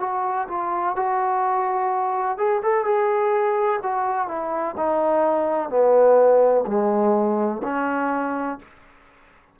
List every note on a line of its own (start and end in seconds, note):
0.00 0.48 F#4
0.48 0.96 F4
0.96 2.38 F#4
2.38 2.62 G#4
2.63 2.85 A4
2.85 3.80 G#4
3.83 4.28 F#4
4.28 4.75 E4
4.77 5.70 D#4
5.70 6.65 B3
6.67 7.62 G#3
7.64 8.59 C#4